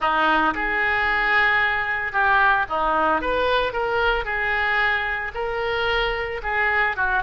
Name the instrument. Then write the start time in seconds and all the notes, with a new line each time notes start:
oboe
0.00 D#4
0.54 G#4
2.12 G4
2.69 D#4
3.21 B4
3.72 A#4
4.25 G#4
5.34 A#4
6.42 G#4
6.96 F#4